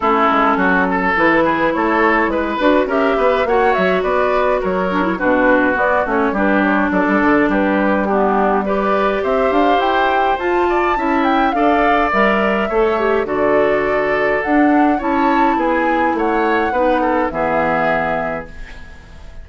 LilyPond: <<
  \new Staff \with { instrumentName = "flute" } { \time 4/4 \tempo 4 = 104 a'2 b'4 cis''4 | b'4 e''4 fis''8 e''8 d''4 | cis''4 b'4 d''8 cis''8 b'8 cis''8 | d''4 b'4 g'4 d''4 |
e''8 f''8 g''4 a''4. g''8 | f''4 e''2 d''4~ | d''4 fis''4 a''4 gis''4 | fis''2 e''2 | }
  \new Staff \with { instrumentName = "oboe" } { \time 4/4 e'4 fis'8 a'4 gis'8 a'4 | b'4 ais'8 b'8 cis''4 b'4 | ais'4 fis'2 g'4 | a'4 g'4 d'4 b'4 |
c''2~ c''8 d''8 e''4 | d''2 cis''4 a'4~ | a'2 cis''4 gis'4 | cis''4 b'8 a'8 gis'2 | }
  \new Staff \with { instrumentName = "clarinet" } { \time 4/4 cis'2 e'2~ | e'8 fis'8 g'4 fis'2~ | fis'8 d'16 e'16 d'4 b8 cis'8 d'4~ | d'2 b4 g'4~ |
g'2 f'4 e'4 | a'4 ais'4 a'8 g'8 fis'4~ | fis'4 d'4 e'2~ | e'4 dis'4 b2 | }
  \new Staff \with { instrumentName = "bassoon" } { \time 4/4 a8 gis8 fis4 e4 a4 | gis8 d'8 cis'8 b8 ais8 fis8 b4 | fis4 b,4 b8 a8 g4 | fis16 g16 d8 g2. |
c'8 d'8 e'4 f'4 cis'4 | d'4 g4 a4 d4~ | d4 d'4 cis'4 b4 | a4 b4 e2 | }
>>